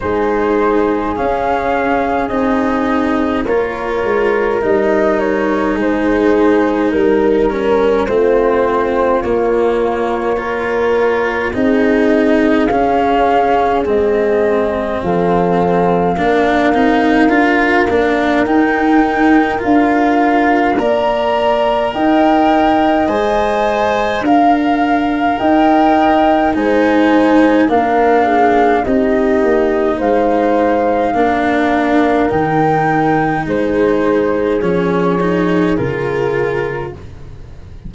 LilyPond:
<<
  \new Staff \with { instrumentName = "flute" } { \time 4/4 \tempo 4 = 52 c''4 f''4 dis''4 cis''4 | dis''8 cis''8 c''4 ais'4 c''4 | cis''2 dis''4 f''4 | dis''4 f''2. |
g''4 f''4 ais''4 g''4 | gis''4 f''4 g''4 gis''4 | f''4 dis''4 f''2 | g''4 c''4 cis''4 ais'4 | }
  \new Staff \with { instrumentName = "horn" } { \time 4/4 gis'2. ais'4~ | ais'4 gis'4 ais'4 f'4~ | f'4 ais'4 gis'2~ | gis'4 a'4 ais'2~ |
ais'2 d''4 dis''4~ | dis''4 f''4 dis''4 c''4 | ais'8 gis'8 g'4 c''4 ais'4~ | ais'4 gis'2. | }
  \new Staff \with { instrumentName = "cello" } { \time 4/4 dis'4 cis'4 dis'4 f'4 | dis'2~ dis'8 cis'8 c'4 | ais4 f'4 dis'4 cis'4 | c'2 d'8 dis'8 f'8 d'8 |
dis'4 f'4 ais'2 | c''4 ais'2 dis'4 | d'4 dis'2 d'4 | dis'2 cis'8 dis'8 f'4 | }
  \new Staff \with { instrumentName = "tuba" } { \time 4/4 gis4 cis'4 c'4 ais8 gis8 | g4 gis4 g4 a4 | ais2 c'4 cis'4 | gis4 f4 ais8 c'8 d'8 ais8 |
dis'4 d'4 ais4 dis'4 | gis4 d'4 dis'4 gis4 | ais4 c'8 ais8 gis4 ais4 | dis4 gis4 f4 cis4 | }
>>